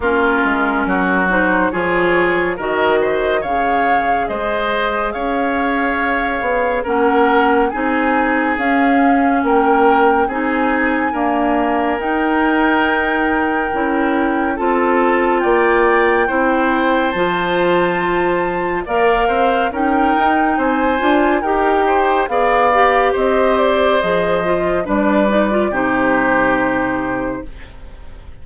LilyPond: <<
  \new Staff \with { instrumentName = "flute" } { \time 4/4 \tempo 4 = 70 ais'4. c''8 cis''4 dis''4 | f''4 dis''4 f''2 | fis''4 gis''4 f''4 g''4 | gis''2 g''2~ |
g''4 a''4 g''2 | a''2 f''4 g''4 | gis''4 g''4 f''4 dis''8 d''8 | dis''4 d''4 c''2 | }
  \new Staff \with { instrumentName = "oboe" } { \time 4/4 f'4 fis'4 gis'4 ais'8 c''8 | cis''4 c''4 cis''2 | ais'4 gis'2 ais'4 | gis'4 ais'2.~ |
ais'4 a'4 d''4 c''4~ | c''2 d''8 c''8 ais'4 | c''4 ais'8 c''8 d''4 c''4~ | c''4 b'4 g'2 | }
  \new Staff \with { instrumentName = "clarinet" } { \time 4/4 cis'4. dis'8 f'4 fis'4 | gis'1 | cis'4 dis'4 cis'2 | dis'4 ais4 dis'2 |
e'4 f'2 e'4 | f'2 ais'4 dis'4~ | dis'8 f'8 g'4 gis'8 g'4. | gis'8 f'8 d'8 dis'16 f'16 dis'2 | }
  \new Staff \with { instrumentName = "bassoon" } { \time 4/4 ais8 gis8 fis4 f4 dis4 | cis4 gis4 cis'4. b8 | ais4 c'4 cis'4 ais4 | c'4 d'4 dis'2 |
cis'4 c'4 ais4 c'4 | f2 ais8 c'8 cis'8 dis'8 | c'8 d'8 dis'4 b4 c'4 | f4 g4 c2 | }
>>